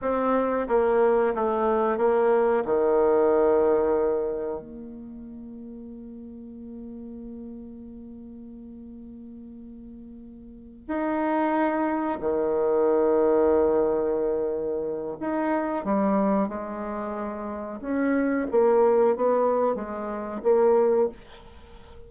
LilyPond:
\new Staff \with { instrumentName = "bassoon" } { \time 4/4 \tempo 4 = 91 c'4 ais4 a4 ais4 | dis2. ais4~ | ais1~ | ais1~ |
ais8 dis'2 dis4.~ | dis2. dis'4 | g4 gis2 cis'4 | ais4 b4 gis4 ais4 | }